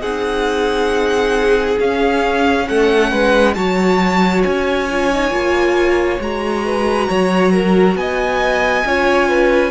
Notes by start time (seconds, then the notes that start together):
0.00 C4 D#4 G#4 F#5
1.79 C#4 F5
2.68 A3 A4 F#5
3.11 G#3 B4
3.53 F#3 F#4 C#5 A5
4.43 C#4 G#5
4.91 F4
5.12 D#4
5.30 A#3 F4
6.20 G#3 F#4 A#5
6.65 B4
7.08 F#3 C#5
7.52 A#4
7.95 B3 D#5 G#5
8.85 C#4 F4 C#5
9.28 B4